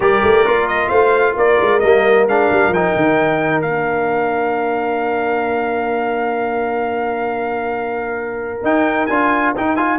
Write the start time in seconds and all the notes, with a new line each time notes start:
0.00 G3 G4 A#4 D5
0.22 A3
0.45 A#3 F4
0.68 D#5
0.88 A3 C5 F5
1.36 A#3 A#4 D5
1.61 G#3
1.79 G3 A#3 D#5
2.27 G#3 D4 F5
2.52 G3
2.68 F3 G5
2.75 D#4
2.95 D#3
3.61 A#3 D4 F5
8.62 D#4 G5
9.06 D4 F4 G#5
9.56 D#4 G5
9.76 F4 G#5